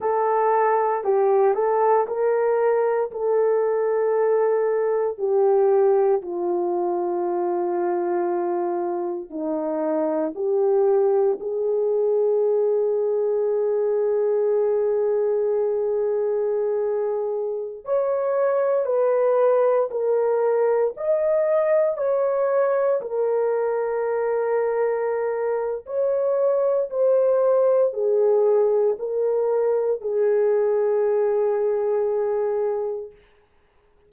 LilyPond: \new Staff \with { instrumentName = "horn" } { \time 4/4 \tempo 4 = 58 a'4 g'8 a'8 ais'4 a'4~ | a'4 g'4 f'2~ | f'4 dis'4 g'4 gis'4~ | gis'1~ |
gis'4~ gis'16 cis''4 b'4 ais'8.~ | ais'16 dis''4 cis''4 ais'4.~ ais'16~ | ais'4 cis''4 c''4 gis'4 | ais'4 gis'2. | }